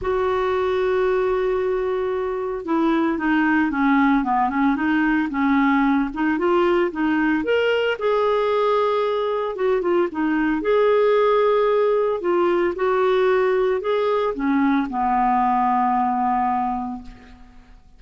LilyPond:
\new Staff \with { instrumentName = "clarinet" } { \time 4/4 \tempo 4 = 113 fis'1~ | fis'4 e'4 dis'4 cis'4 | b8 cis'8 dis'4 cis'4. dis'8 | f'4 dis'4 ais'4 gis'4~ |
gis'2 fis'8 f'8 dis'4 | gis'2. f'4 | fis'2 gis'4 cis'4 | b1 | }